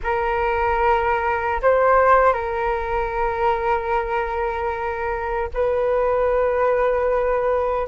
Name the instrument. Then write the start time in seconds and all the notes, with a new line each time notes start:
flute
0.03 A#4
1.61 C5
2.33 A#4
5.54 B4